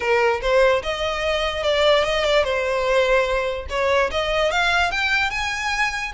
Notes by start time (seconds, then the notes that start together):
0.00 A#4
0.41 C5
0.83 D#5
1.63 D5
2.04 D#5
2.24 D5
2.44 C5
3.69 C#5
4.11 D#5
4.51 F5
4.91 G5
5.30 G#5